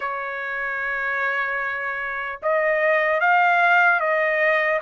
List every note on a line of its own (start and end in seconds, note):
0.00 2.39 C#5
2.42 3.20 D#5
3.20 4.00 F5
4.00 4.80 D#5